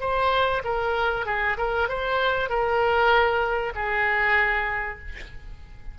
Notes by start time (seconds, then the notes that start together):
0.00 C5
0.64 A#4
1.26 G#4
1.57 A#4
1.88 C5
2.49 A#4
3.75 G#4